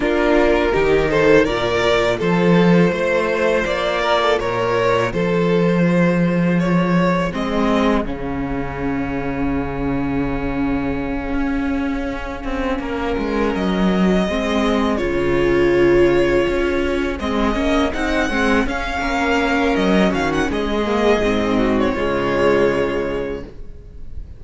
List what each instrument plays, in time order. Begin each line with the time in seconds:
0.00 cello A#3, viola D4, violin F4 A#4
0.72 cello D#3, viola D#4, violin G4
1.10 violin A4 C5
1.44 cello A#2, viola F4, violin A#4 D5
2.18 cello F3, violin A4 C5
2.91 cello A3, violin C5
3.65 cello A#3, violin D5
4.00 violin A#4
4.22 violin A4
4.39 cello A#2, violin A#4 C#5
5.12 cello F3, violin A4 C5
5.82 violin G#4
6.59 violin C#5
7.30 cello G#3, viola C4, violin D#5
8.04 cello C#3, viola C#4, violin F5
11.34 cello C#4
12.44 cello C4
12.79 cello A#3, violin A#4
13.18 cello G#3
13.55 cello F#3, violin D#5
14.26 cello G#3, viola C4, violin G#4
14.97 cello C#3, viola F4, violin C#5
16.47 cello C#4
17.19 cello G#3, viola C4, violin D#5
17.54 cello A#3, viola C#4
17.93 cello C4, viola D#4, violin F#5
18.29 cello G#3, viola C4
18.66 cello C#4, viola C#4, violin F5
19.00 cello A#3, violin A#4
19.75 cello F#3, violin D#5
20.10 cello D#3, violin F#4 F5
20.32 violin F#5
20.50 cello G#3, violin G#4 D#5
20.85 viola A#3
21.18 cello G#2, viola C4
21.57 violin F#4
21.79 violin C#5
21.94 cello C#3, viola G#3, violin F4